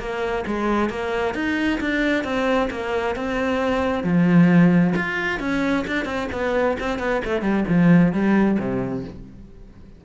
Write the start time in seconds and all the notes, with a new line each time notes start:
0.00 A#3
0.47 G#3
0.90 A#3
1.35 D#4
1.81 D4
2.24 C4
2.71 A#3
3.16 C4
4.04 F3
4.96 F4
5.40 C#4
5.88 D4
6.06 C4
6.32 B3
6.80 C4
6.99 B3
7.25 A3
7.42 G3
7.68 F3
8.13 G3
8.60 C3